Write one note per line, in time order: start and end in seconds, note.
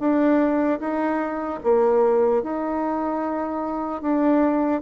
0.00 0.80 D4
0.80 1.60 D#4
1.64 2.43 A#3
2.43 4.02 D#4
4.02 4.82 D4